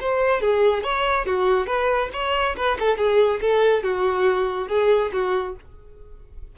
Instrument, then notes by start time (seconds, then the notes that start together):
violin
0.00 C5
0.41 G#4
0.83 C#5
1.26 F#4
1.66 B4
2.13 C#5
2.56 B4
2.79 A4
2.97 G#4
3.41 A4
3.83 F#4
4.68 G#4
5.12 F#4